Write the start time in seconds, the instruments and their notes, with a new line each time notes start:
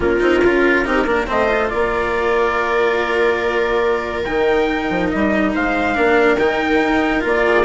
0.00 bassoon A#3, cello C#4, viola F4, trumpet A#4
0.19 bassoon C4, cello D#4
0.44 bassoon C#4, cello F4
0.85 bassoon C4, cello D#4, viola G4
1.06 bassoon A#3, cello D4, viola A#4
1.26 bassoon A3, cello C4, viola C5, trumpet D#5
1.48 cello F4
1.69 bassoon A#3, viola A#4, trumpet D5
4.24 bassoon D#3, cello D#4, trumpet G5
4.89 bassoon F3
5.10 bassoon G3, trumpet D#5
5.53 bassoon G#3, viola C5, trumpet F5
5.94 bassoon A#3, cello D4, viola A#4
6.37 bassoon D#3, cello D#4, trumpet G5
6.82 bassoon D#4
7.20 bassoon A#3, cello F4
7.27 trumpet D5
7.46 viola G#4